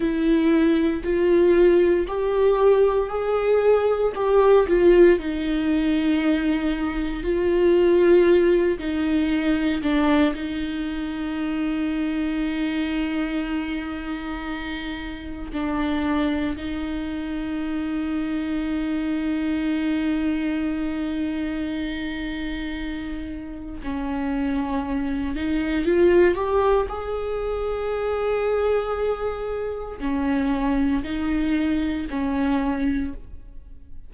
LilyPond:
\new Staff \with { instrumentName = "viola" } { \time 4/4 \tempo 4 = 58 e'4 f'4 g'4 gis'4 | g'8 f'8 dis'2 f'4~ | f'8 dis'4 d'8 dis'2~ | dis'2. d'4 |
dis'1~ | dis'2. cis'4~ | cis'8 dis'8 f'8 g'8 gis'2~ | gis'4 cis'4 dis'4 cis'4 | }